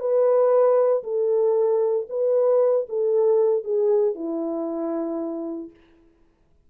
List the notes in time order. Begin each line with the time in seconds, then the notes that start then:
0.00 B4
1.04 A4
2.10 B4
2.89 A4
3.64 G#4
4.15 E4